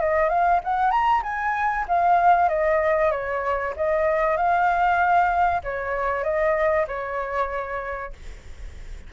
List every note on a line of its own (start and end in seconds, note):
0.00 0.29 D#5
0.29 0.61 F5
0.64 0.91 F#5
0.91 1.22 A#5
1.23 1.86 G#5
1.88 2.49 F5
2.49 3.11 D#5
3.11 3.74 C#5
3.77 4.37 D#5
4.37 5.62 F5
5.64 6.24 C#5
6.24 6.86 D#5
6.88 8.13 C#5